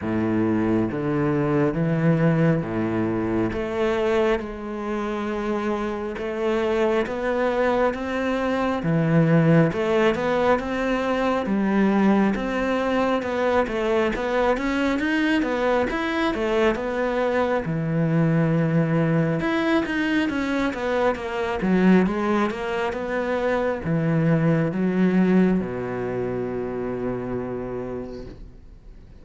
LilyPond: \new Staff \with { instrumentName = "cello" } { \time 4/4 \tempo 4 = 68 a,4 d4 e4 a,4 | a4 gis2 a4 | b4 c'4 e4 a8 b8 | c'4 g4 c'4 b8 a8 |
b8 cis'8 dis'8 b8 e'8 a8 b4 | e2 e'8 dis'8 cis'8 b8 | ais8 fis8 gis8 ais8 b4 e4 | fis4 b,2. | }